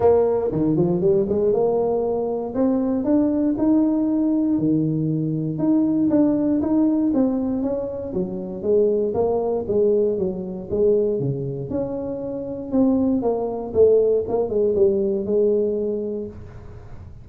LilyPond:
\new Staff \with { instrumentName = "tuba" } { \time 4/4 \tempo 4 = 118 ais4 dis8 f8 g8 gis8 ais4~ | ais4 c'4 d'4 dis'4~ | dis'4 dis2 dis'4 | d'4 dis'4 c'4 cis'4 |
fis4 gis4 ais4 gis4 | fis4 gis4 cis4 cis'4~ | cis'4 c'4 ais4 a4 | ais8 gis8 g4 gis2 | }